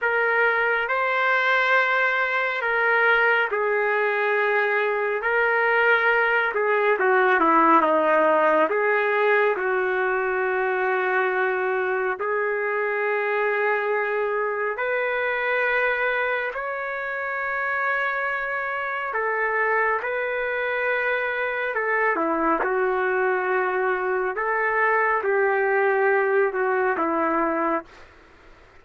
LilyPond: \new Staff \with { instrumentName = "trumpet" } { \time 4/4 \tempo 4 = 69 ais'4 c''2 ais'4 | gis'2 ais'4. gis'8 | fis'8 e'8 dis'4 gis'4 fis'4~ | fis'2 gis'2~ |
gis'4 b'2 cis''4~ | cis''2 a'4 b'4~ | b'4 a'8 e'8 fis'2 | a'4 g'4. fis'8 e'4 | }